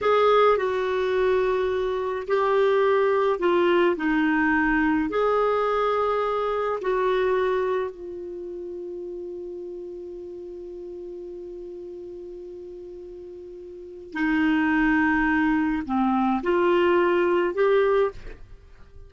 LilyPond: \new Staff \with { instrumentName = "clarinet" } { \time 4/4 \tempo 4 = 106 gis'4 fis'2. | g'2 f'4 dis'4~ | dis'4 gis'2. | fis'2 f'2~ |
f'1~ | f'1~ | f'4 dis'2. | c'4 f'2 g'4 | }